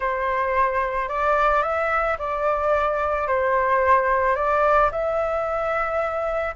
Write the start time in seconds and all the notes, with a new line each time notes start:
0.00 C5
1.08 D5
1.62 E5
2.18 D5
3.27 C5
4.35 D5
4.91 E5